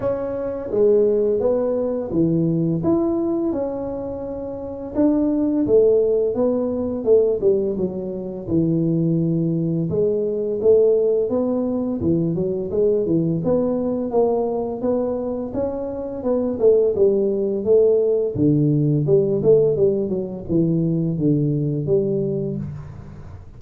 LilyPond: \new Staff \with { instrumentName = "tuba" } { \time 4/4 \tempo 4 = 85 cis'4 gis4 b4 e4 | e'4 cis'2 d'4 | a4 b4 a8 g8 fis4 | e2 gis4 a4 |
b4 e8 fis8 gis8 e8 b4 | ais4 b4 cis'4 b8 a8 | g4 a4 d4 g8 a8 | g8 fis8 e4 d4 g4 | }